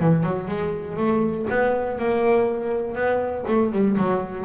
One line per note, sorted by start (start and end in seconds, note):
0.00 0.24 E3
0.24 0.48 F#3
0.49 0.97 G#3
0.97 1.47 A3
1.50 1.99 B3
1.99 2.95 A#3
2.95 3.45 B3
3.48 3.73 A3
3.73 3.97 G3
3.98 4.45 F#3